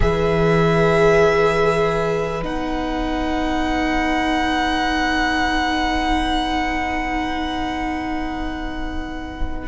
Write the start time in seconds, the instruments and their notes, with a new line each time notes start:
0.00 cello E3, viola G#4, violin B4 E5
2.42 cello B3, viola D#4, violin F#5